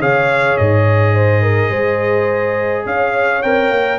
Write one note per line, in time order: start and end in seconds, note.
0.00 0.57 C#3
0.00 3.43 G#4
0.00 1.15 C#5
0.00 0.57 F5
0.57 1.70 G#2
0.57 2.86 D#5
1.15 1.42 C5
1.42 1.70 A#4
1.70 2.85 G#3
1.70 2.84 C5
2.86 3.43 C#4
2.86 3.98 C#5
2.86 3.42 F5
3.42 3.70 C4
3.42 3.98 A#4
3.42 3.98 G5
3.70 3.98 A#3